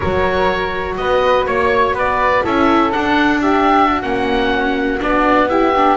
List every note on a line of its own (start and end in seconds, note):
0.00 0.98 F#3
0.00 2.44 F#4
0.00 0.96 A#4
0.00 0.95 C#5
0.96 1.46 B3
0.96 1.47 B4
0.96 1.45 D#5
1.45 1.93 A#3
1.45 1.94 C#5
1.93 2.42 B3
1.93 2.43 B4
1.93 2.45 D5
2.43 2.94 C#4
2.43 2.92 E4
2.43 3.41 A4
2.43 2.92 E5
2.92 4.01 D4
2.92 4.02 D4
2.92 3.40 F#5
3.41 3.87 G4
3.41 4.02 E5
3.87 5.46 F#4
4.01 5.00 A#3
4.01 4.99 C#4
4.01 4.99 F#5
4.99 5.97 B3
4.99 5.48 D4
4.99 5.48 D5
5.48 5.73 E4
5.48 5.97 G4
5.48 5.97 E5
5.76 5.97 D4